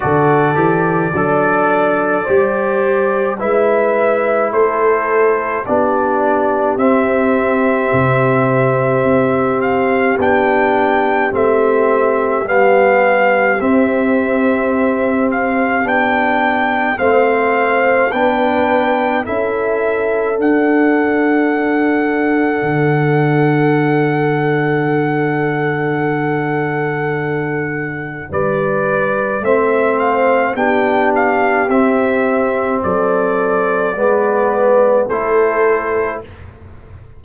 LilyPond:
<<
  \new Staff \with { instrumentName = "trumpet" } { \time 4/4 \tempo 4 = 53 d''2. e''4 | c''4 d''4 e''2~ | e''8 f''8 g''4 e''4 f''4 | e''4. f''8 g''4 f''4 |
g''4 e''4 fis''2~ | fis''1~ | fis''4 d''4 e''8 f''8 g''8 f''8 | e''4 d''2 c''4 | }
  \new Staff \with { instrumentName = "horn" } { \time 4/4 a'4 d'4 c''4 b'4 | a'4 g'2.~ | g'1~ | g'2. c''4 |
b'4 a'2.~ | a'1~ | a'4 b'4 c''4 g'4~ | g'4 a'4 b'4 a'4 | }
  \new Staff \with { instrumentName = "trombone" } { \time 4/4 fis'8 g'8 a'4 g'4 e'4~ | e'4 d'4 c'2~ | c'4 d'4 c'4 b4 | c'2 d'4 c'4 |
d'4 e'4 d'2~ | d'1~ | d'2 c'4 d'4 | c'2 b4 e'4 | }
  \new Staff \with { instrumentName = "tuba" } { \time 4/4 d8 e8 fis4 g4 gis4 | a4 b4 c'4 c4 | c'4 b4 a4 g4 | c'2 b4 a4 |
b4 cis'4 d'2 | d1~ | d4 g4 a4 b4 | c'4 fis4 gis4 a4 | }
>>